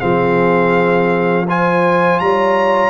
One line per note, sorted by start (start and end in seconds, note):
0.00 2.21 F3
0.00 1.47 C4
0.00 1.47 G#4
0.00 1.46 F5
1.49 2.91 F4
1.49 2.23 C5
1.49 2.20 G#5
2.20 2.91 G3
2.20 2.91 C#5
2.20 2.91 A#5